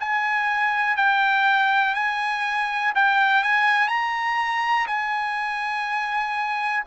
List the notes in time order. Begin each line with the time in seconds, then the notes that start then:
0.00 G#5
0.97 G5
1.95 G#5
2.96 G5
3.43 G#5
3.89 A#5
4.87 G#5